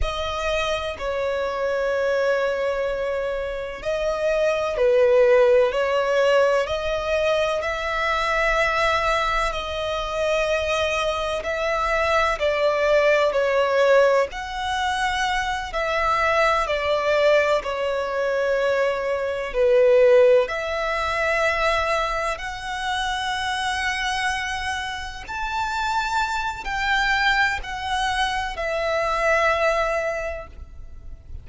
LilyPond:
\new Staff \with { instrumentName = "violin" } { \time 4/4 \tempo 4 = 63 dis''4 cis''2. | dis''4 b'4 cis''4 dis''4 | e''2 dis''2 | e''4 d''4 cis''4 fis''4~ |
fis''8 e''4 d''4 cis''4.~ | cis''8 b'4 e''2 fis''8~ | fis''2~ fis''8 a''4. | g''4 fis''4 e''2 | }